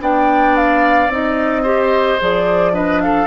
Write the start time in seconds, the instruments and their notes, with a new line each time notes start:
0.00 bassoon B3, clarinet D4, oboe D5, flute G5
0.56 flute F5
1.07 bassoon C4, clarinet D#4, flute D#5
1.62 clarinet G4, oboe C5
2.20 bassoon F3, clarinet G#4, flute D5
2.72 clarinet D4, oboe B4, flute D#5
3.00 oboe A4, flute F5